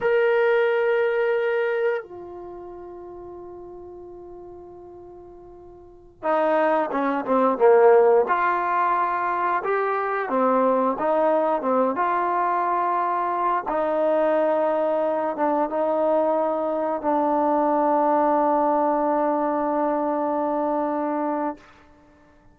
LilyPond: \new Staff \with { instrumentName = "trombone" } { \time 4/4 \tempo 4 = 89 ais'2. f'4~ | f'1~ | f'4~ f'16 dis'4 cis'8 c'8 ais8.~ | ais16 f'2 g'4 c'8.~ |
c'16 dis'4 c'8 f'2~ f'16~ | f'16 dis'2~ dis'8 d'8 dis'8.~ | dis'4~ dis'16 d'2~ d'8.~ | d'1 | }